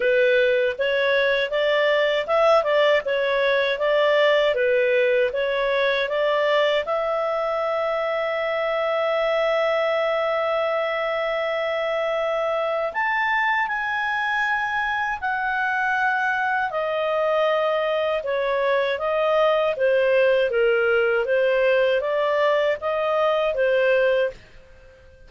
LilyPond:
\new Staff \with { instrumentName = "clarinet" } { \time 4/4 \tempo 4 = 79 b'4 cis''4 d''4 e''8 d''8 | cis''4 d''4 b'4 cis''4 | d''4 e''2.~ | e''1~ |
e''4 a''4 gis''2 | fis''2 dis''2 | cis''4 dis''4 c''4 ais'4 | c''4 d''4 dis''4 c''4 | }